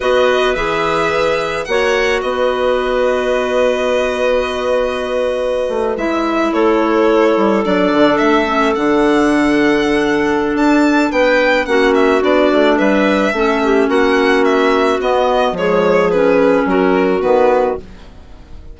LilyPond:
<<
  \new Staff \with { instrumentName = "violin" } { \time 4/4 \tempo 4 = 108 dis''4 e''2 fis''4 | dis''1~ | dis''2~ dis''8. e''4 cis''16~ | cis''4.~ cis''16 d''4 e''4 fis''16~ |
fis''2. a''4 | g''4 fis''8 e''8 d''4 e''4~ | e''4 fis''4 e''4 dis''4 | cis''4 b'4 ais'4 b'4 | }
  \new Staff \with { instrumentName = "clarinet" } { \time 4/4 b'2. cis''4 | b'1~ | b'2.~ b'8. a'16~ | a'1~ |
a'1 | b'4 fis'2 b'4 | a'8 g'8 fis'2. | gis'2 fis'2 | }
  \new Staff \with { instrumentName = "clarinet" } { \time 4/4 fis'4 gis'2 fis'4~ | fis'1~ | fis'2~ fis'8. e'4~ e'16~ | e'4.~ e'16 d'4. cis'8 d'16~ |
d'1~ | d'4 cis'4 d'2 | cis'2. b4 | gis4 cis'2 b4 | }
  \new Staff \with { instrumentName = "bassoon" } { \time 4/4 b4 e2 ais4 | b1~ | b2~ b16 a8 gis4 a16~ | a4~ a16 g8 fis8 d8 a4 d16~ |
d2. d'4 | b4 ais4 b8 a8 g4 | a4 ais2 b4 | f2 fis4 dis4 | }
>>